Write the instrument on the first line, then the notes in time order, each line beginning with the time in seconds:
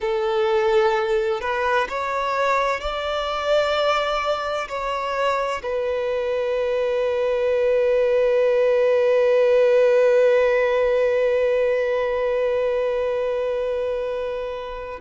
violin
0.00 A4
1.40 B4
1.88 C#5
2.80 D5
4.68 C#5
5.62 B4